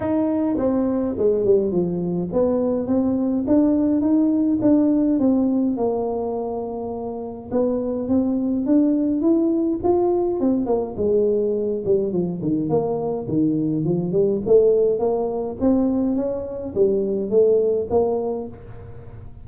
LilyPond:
\new Staff \with { instrumentName = "tuba" } { \time 4/4 \tempo 4 = 104 dis'4 c'4 gis8 g8 f4 | b4 c'4 d'4 dis'4 | d'4 c'4 ais2~ | ais4 b4 c'4 d'4 |
e'4 f'4 c'8 ais8 gis4~ | gis8 g8 f8 dis8 ais4 dis4 | f8 g8 a4 ais4 c'4 | cis'4 g4 a4 ais4 | }